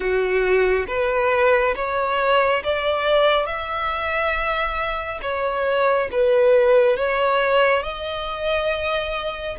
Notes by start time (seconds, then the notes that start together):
0.00 F#4
0.87 B4
1.75 C#5
2.63 D5
3.46 E5
5.22 C#5
6.11 B4
6.96 C#5
7.83 D#5